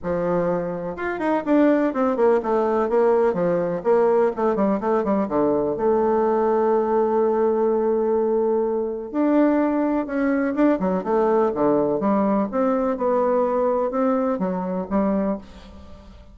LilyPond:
\new Staff \with { instrumentName = "bassoon" } { \time 4/4 \tempo 4 = 125 f2 f'8 dis'8 d'4 | c'8 ais8 a4 ais4 f4 | ais4 a8 g8 a8 g8 d4 | a1~ |
a2. d'4~ | d'4 cis'4 d'8 fis8 a4 | d4 g4 c'4 b4~ | b4 c'4 fis4 g4 | }